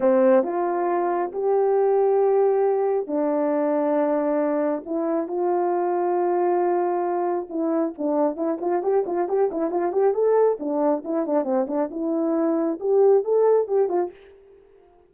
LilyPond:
\new Staff \with { instrumentName = "horn" } { \time 4/4 \tempo 4 = 136 c'4 f'2 g'4~ | g'2. d'4~ | d'2. e'4 | f'1~ |
f'4 e'4 d'4 e'8 f'8 | g'8 f'8 g'8 e'8 f'8 g'8 a'4 | d'4 e'8 d'8 c'8 d'8 e'4~ | e'4 g'4 a'4 g'8 f'8 | }